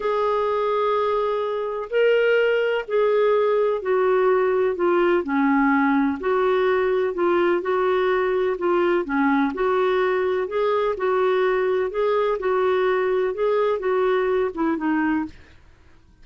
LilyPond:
\new Staff \with { instrumentName = "clarinet" } { \time 4/4 \tempo 4 = 126 gis'1 | ais'2 gis'2 | fis'2 f'4 cis'4~ | cis'4 fis'2 f'4 |
fis'2 f'4 cis'4 | fis'2 gis'4 fis'4~ | fis'4 gis'4 fis'2 | gis'4 fis'4. e'8 dis'4 | }